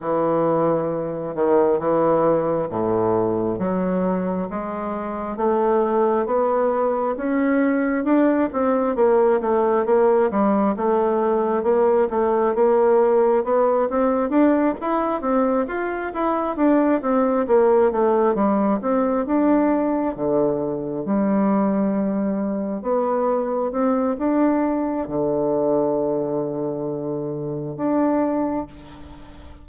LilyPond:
\new Staff \with { instrumentName = "bassoon" } { \time 4/4 \tempo 4 = 67 e4. dis8 e4 a,4 | fis4 gis4 a4 b4 | cis'4 d'8 c'8 ais8 a8 ais8 g8 | a4 ais8 a8 ais4 b8 c'8 |
d'8 e'8 c'8 f'8 e'8 d'8 c'8 ais8 | a8 g8 c'8 d'4 d4 g8~ | g4. b4 c'8 d'4 | d2. d'4 | }